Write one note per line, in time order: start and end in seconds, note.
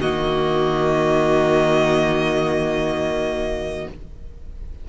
0.00 3.87 D#3
0.00 3.90 A#3
0.00 3.89 F#4
0.00 3.88 D#5